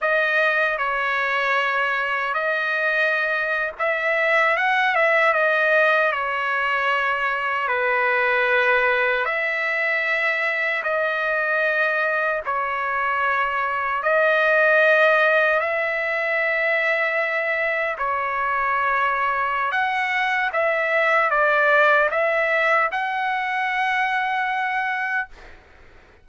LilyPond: \new Staff \with { instrumentName = "trumpet" } { \time 4/4 \tempo 4 = 76 dis''4 cis''2 dis''4~ | dis''8. e''4 fis''8 e''8 dis''4 cis''16~ | cis''4.~ cis''16 b'2 e''16~ | e''4.~ e''16 dis''2 cis''16~ |
cis''4.~ cis''16 dis''2 e''16~ | e''2~ e''8. cis''4~ cis''16~ | cis''4 fis''4 e''4 d''4 | e''4 fis''2. | }